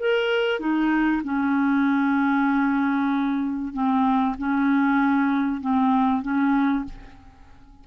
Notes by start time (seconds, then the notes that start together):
0.00 A#4
0.60 D#4
1.24 C#4
3.74 C4
4.39 C#4
5.61 C4
6.22 C#4